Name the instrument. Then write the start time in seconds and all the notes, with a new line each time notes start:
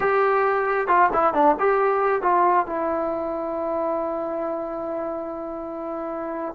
trombone
0.00 G4
0.87 F4
1.13 E4
1.33 D4
1.59 G4
2.22 F4
2.66 E4